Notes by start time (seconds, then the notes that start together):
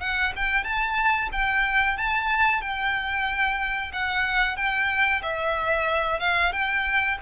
0.00 F#5
0.36 G5
0.64 A5
1.32 G5
1.97 A5
2.61 G5
3.92 F#5
4.56 G5
5.22 E5
6.20 F5
6.52 G5